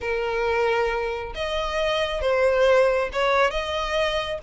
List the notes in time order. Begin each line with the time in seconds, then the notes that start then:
0.01 A#4
1.34 D#5
2.21 C5
3.12 C#5
3.50 D#5